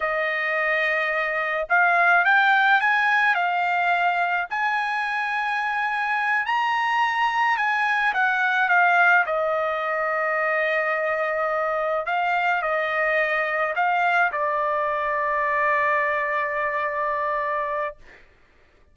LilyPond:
\new Staff \with { instrumentName = "trumpet" } { \time 4/4 \tempo 4 = 107 dis''2. f''4 | g''4 gis''4 f''2 | gis''2.~ gis''8 ais''8~ | ais''4. gis''4 fis''4 f''8~ |
f''8 dis''2.~ dis''8~ | dis''4. f''4 dis''4.~ | dis''8 f''4 d''2~ d''8~ | d''1 | }